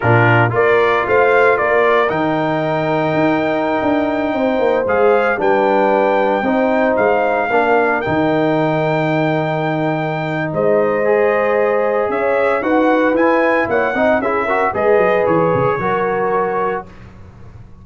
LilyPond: <<
  \new Staff \with { instrumentName = "trumpet" } { \time 4/4 \tempo 4 = 114 ais'4 d''4 f''4 d''4 | g''1~ | g''4~ g''16 f''4 g''4.~ g''16~ | g''4~ g''16 f''2 g''8.~ |
g''1 | dis''2. e''4 | fis''4 gis''4 fis''4 e''4 | dis''4 cis''2. | }
  \new Staff \with { instrumentName = "horn" } { \time 4/4 f'4 ais'4 c''4 ais'4~ | ais'1~ | ais'16 c''2 b'4.~ b'16~ | b'16 c''2 ais'4.~ ais'16~ |
ais'1 | c''2. cis''4 | b'2 cis''8 dis''8 gis'8 ais'8 | b'2 ais'2 | }
  \new Staff \with { instrumentName = "trombone" } { \time 4/4 d'4 f'2. | dis'1~ | dis'4~ dis'16 gis'4 d'4.~ d'16~ | d'16 dis'2 d'4 dis'8.~ |
dis'1~ | dis'4 gis'2. | fis'4 e'4. dis'8 e'8 fis'8 | gis'2 fis'2 | }
  \new Staff \with { instrumentName = "tuba" } { \time 4/4 ais,4 ais4 a4 ais4 | dis2 dis'4~ dis'16 d'8.~ | d'16 c'8 ais8 gis4 g4.~ g16~ | g16 c'4 gis4 ais4 dis8.~ |
dis1 | gis2. cis'4 | dis'4 e'4 ais8 c'8 cis'4 | gis8 fis8 e8 cis8 fis2 | }
>>